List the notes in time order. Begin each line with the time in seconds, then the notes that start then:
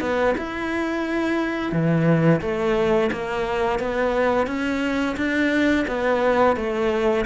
0.00 B3
0.37 E4
1.71 E3
2.41 A3
3.12 A#3
3.79 B3
4.46 C#4
5.16 D4
5.87 B3
6.56 A3